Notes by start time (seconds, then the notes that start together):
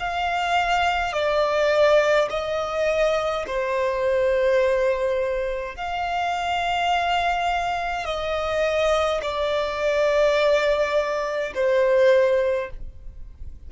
0.00 F5
1.13 D5
2.31 D#5
3.47 C5
5.76 F5
8.06 D#5
9.23 D5
11.55 C5